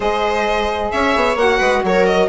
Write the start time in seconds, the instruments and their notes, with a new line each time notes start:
0.00 bassoon G#3, saxophone G#4, viola C5, violin D#5
0.91 bassoon C#4, viola C#5, violin E5
1.15 bassoon B3
1.35 bassoon A#3, saxophone F#4, violin F#5
1.58 bassoon G#3, viola B4
1.83 bassoon F#3, viola A#4, violin C#5
2.06 violin D#5